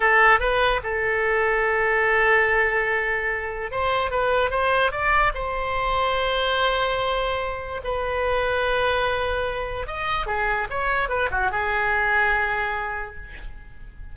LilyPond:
\new Staff \with { instrumentName = "oboe" } { \time 4/4 \tempo 4 = 146 a'4 b'4 a'2~ | a'1~ | a'4 c''4 b'4 c''4 | d''4 c''2.~ |
c''2. b'4~ | b'1 | dis''4 gis'4 cis''4 b'8 fis'8 | gis'1 | }